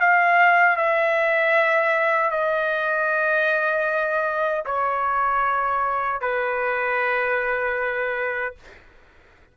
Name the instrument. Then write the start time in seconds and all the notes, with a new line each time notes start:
trumpet
0.00 F5
0.77 E5
2.31 D#5
4.65 C#5
6.21 B4